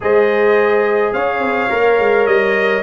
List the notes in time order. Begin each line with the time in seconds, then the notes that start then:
0.00 G#3 G#4 C5 D#5
1.13 C#4 C#5 F5
1.40 C4
1.69 A#3 A#4
1.99 G#3
2.26 G3 D#5